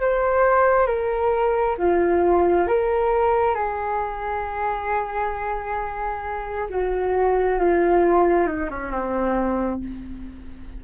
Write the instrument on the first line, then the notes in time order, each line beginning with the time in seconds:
flute
0.00 C5
0.86 A#4
1.77 F4
2.67 A#4
3.54 G#4
6.69 F#4
7.59 F4
8.46 D#4
8.70 C#4
8.91 C4